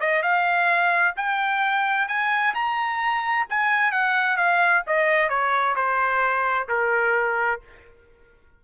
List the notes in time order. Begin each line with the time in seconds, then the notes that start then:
0.00 D#5
0.22 F5
1.16 G5
2.08 G#5
2.54 A#5
3.50 G#5
3.91 F#5
4.37 F5
4.87 D#5
5.29 C#5
5.75 C5
6.69 A#4